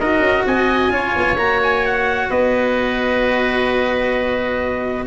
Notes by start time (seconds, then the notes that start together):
0.00 D#4 F#4 A#4 D#5
0.19 C#4
0.46 C4 D#5 G#5
0.90 C#4 F4 C#5
1.16 B3
1.36 A#3 F#4 A#5
1.63 G#5
1.86 F#5
2.29 B3 B4 D#5